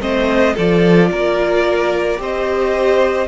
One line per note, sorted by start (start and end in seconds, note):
0.00 0.55 A3
0.00 0.55 C4
0.00 0.54 C5
0.00 0.56 D#5
0.54 1.11 F3
0.54 2.17 F4
0.54 1.08 A4
0.54 2.21 D5
1.11 2.19 A#3
1.11 2.20 A#4
2.17 3.27 C4
2.17 3.26 G4
2.17 3.27 C5
2.17 3.27 D#5